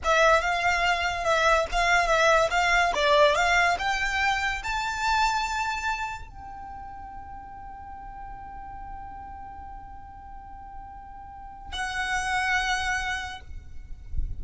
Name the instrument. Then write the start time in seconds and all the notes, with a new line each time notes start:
violin
0.03 E5
0.41 F5
1.24 E5
1.72 F5
2.06 E5
2.50 F5
2.95 D5
3.35 F5
3.78 G5
4.63 A5
6.28 G5
11.72 F#5